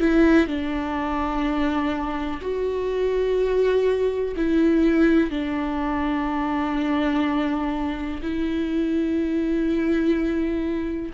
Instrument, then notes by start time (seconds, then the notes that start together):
viola
0.00 E4
0.48 D4
2.41 F#4
4.37 E4
5.31 D4
8.22 E4